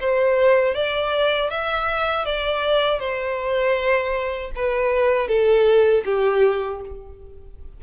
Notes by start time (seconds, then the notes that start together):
0.00 C5
0.74 D5
1.50 E5
2.25 D5
2.99 C5
4.55 B4
5.28 A4
6.04 G4